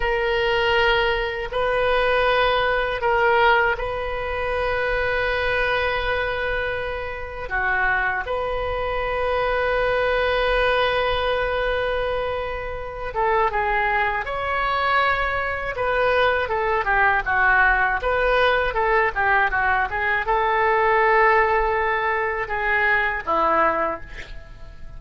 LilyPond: \new Staff \with { instrumentName = "oboe" } { \time 4/4 \tempo 4 = 80 ais'2 b'2 | ais'4 b'2.~ | b'2 fis'4 b'4~ | b'1~ |
b'4. a'8 gis'4 cis''4~ | cis''4 b'4 a'8 g'8 fis'4 | b'4 a'8 g'8 fis'8 gis'8 a'4~ | a'2 gis'4 e'4 | }